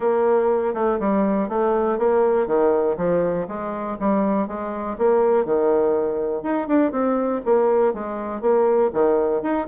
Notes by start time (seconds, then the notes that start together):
0.00 A#3
0.74 A3
0.99 G3
1.48 A3
1.98 A#3
2.47 D#3
2.97 F3
3.48 G#3
3.99 G3
4.47 G#3
4.97 A#3
5.45 D#3
6.42 D#4
6.67 D4
6.91 C4
7.45 A#3
7.93 G#3
8.41 A#3
8.93 D#3
9.42 D#4